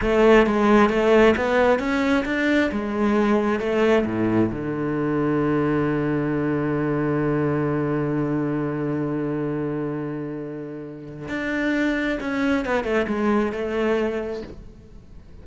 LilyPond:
\new Staff \with { instrumentName = "cello" } { \time 4/4 \tempo 4 = 133 a4 gis4 a4 b4 | cis'4 d'4 gis2 | a4 a,4 d2~ | d1~ |
d1~ | d1~ | d4 d'2 cis'4 | b8 a8 gis4 a2 | }